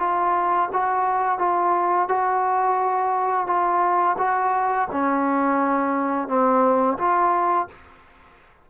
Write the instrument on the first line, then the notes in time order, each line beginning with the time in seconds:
trombone
0.00 F4
0.73 F#4
1.39 F4
2.09 F#4
3.47 F4
4.19 F#4
4.92 C#4
6.29 C4
6.98 F4